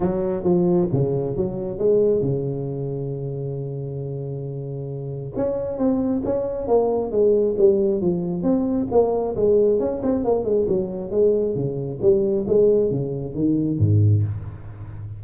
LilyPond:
\new Staff \with { instrumentName = "tuba" } { \time 4/4 \tempo 4 = 135 fis4 f4 cis4 fis4 | gis4 cis2.~ | cis1 | cis'4 c'4 cis'4 ais4 |
gis4 g4 f4 c'4 | ais4 gis4 cis'8 c'8 ais8 gis8 | fis4 gis4 cis4 g4 | gis4 cis4 dis4 gis,4 | }